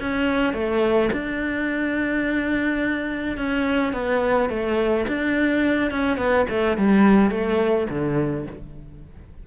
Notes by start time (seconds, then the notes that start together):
0.00 C#4
0.53 A3
1.12 D4
3.37 C#4
3.93 B3
4.49 A3
5.07 D4
5.91 C#4
6.17 B3
6.49 A3
6.77 G3
7.30 A3
7.89 D3